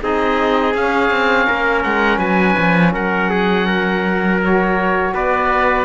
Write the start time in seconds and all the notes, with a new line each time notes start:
0.00 C4 D#4 G#4 D#5
0.74 C#4 F5
1.10 C4
1.46 A#3 A#4
1.82 G#3 F#5
2.18 F#3 B4 G#5
2.57 F3
2.93 F#3 A#4 F#5
3.29 G#4
3.66 A#4
4.41 F#4 C#5
5.14 B3 B4 D5